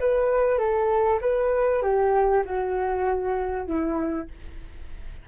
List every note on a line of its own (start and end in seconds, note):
0.00 0.59 B4
0.59 1.20 A4
1.22 1.83 B4
1.83 2.44 G4
2.45 3.67 F#4
3.67 4.28 E4